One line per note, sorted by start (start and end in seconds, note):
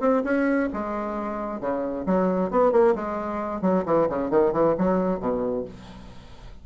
0.00 0.23 C4
0.24 0.69 C#4
0.73 1.61 G#3
1.61 2.06 C#3
2.06 2.51 F#3
2.51 2.72 B3
2.72 2.94 A#3
2.95 3.62 G#3
3.62 3.84 F#3
3.86 4.08 E3
4.09 4.30 C#3
4.30 4.53 D#3
4.53 4.75 E3
4.78 5.20 F#3
5.20 5.65 B2